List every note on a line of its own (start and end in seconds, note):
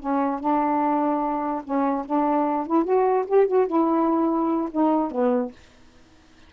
0.00 0.40 C#4
0.40 1.63 D4
1.65 2.06 C#4
2.06 2.67 D4
2.67 2.85 E4
2.85 3.25 F#4
3.27 3.48 G4
3.48 3.68 F#4
3.68 4.70 E4
4.71 5.11 D#4
5.11 5.52 B3